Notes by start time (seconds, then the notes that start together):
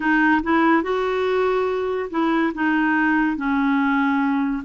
0.00 D#4
0.43 E4
0.82 F#4
2.10 E4
2.54 D#4
3.36 C#4